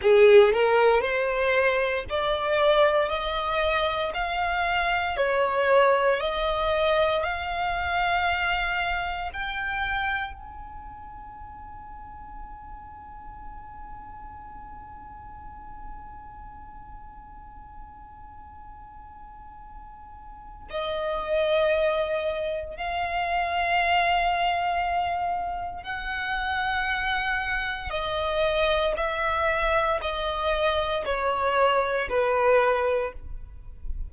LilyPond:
\new Staff \with { instrumentName = "violin" } { \time 4/4 \tempo 4 = 58 gis'8 ais'8 c''4 d''4 dis''4 | f''4 cis''4 dis''4 f''4~ | f''4 g''4 gis''2~ | gis''1~ |
gis''1 | dis''2 f''2~ | f''4 fis''2 dis''4 | e''4 dis''4 cis''4 b'4 | }